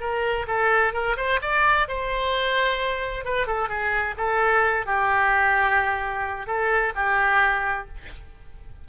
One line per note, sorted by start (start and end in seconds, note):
0.00 0.46 A#4
0.47 0.93 A4
0.93 1.16 A#4
1.17 1.40 C5
1.41 1.88 D5
1.88 3.25 C5
3.25 3.47 B4
3.47 3.69 A4
3.69 4.15 G#4
4.17 4.86 A4
4.86 6.47 G4
6.47 6.93 A4
6.95 7.88 G4